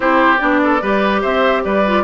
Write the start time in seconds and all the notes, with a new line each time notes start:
0.00 C4 E4 G4 C5
0.38 B3 D4 D5
0.63 A4
0.81 G3 G4 B4
1.21 C4 C5 E5
1.64 G3 B4 D5
1.86 F4